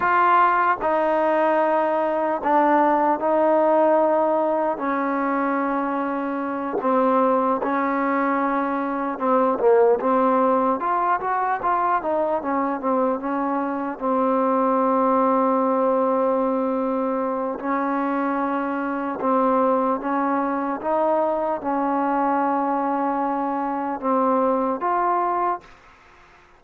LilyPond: \new Staff \with { instrumentName = "trombone" } { \time 4/4 \tempo 4 = 75 f'4 dis'2 d'4 | dis'2 cis'2~ | cis'8 c'4 cis'2 c'8 | ais8 c'4 f'8 fis'8 f'8 dis'8 cis'8 |
c'8 cis'4 c'2~ c'8~ | c'2 cis'2 | c'4 cis'4 dis'4 cis'4~ | cis'2 c'4 f'4 | }